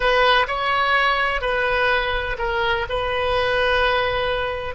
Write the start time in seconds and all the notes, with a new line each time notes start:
0.00 B4
0.47 C#5
1.41 B4
2.38 A#4
2.89 B4